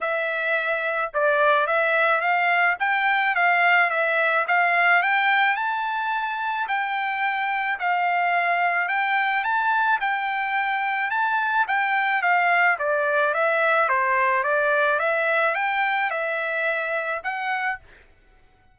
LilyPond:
\new Staff \with { instrumentName = "trumpet" } { \time 4/4 \tempo 4 = 108 e''2 d''4 e''4 | f''4 g''4 f''4 e''4 | f''4 g''4 a''2 | g''2 f''2 |
g''4 a''4 g''2 | a''4 g''4 f''4 d''4 | e''4 c''4 d''4 e''4 | g''4 e''2 fis''4 | }